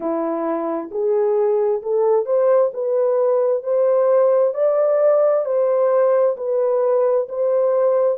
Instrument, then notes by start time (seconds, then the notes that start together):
horn
0.00 E4
0.91 G#4
1.82 A4
2.25 C5
2.73 B4
3.63 C5
4.54 D5
5.45 C5
6.36 B4
7.29 C5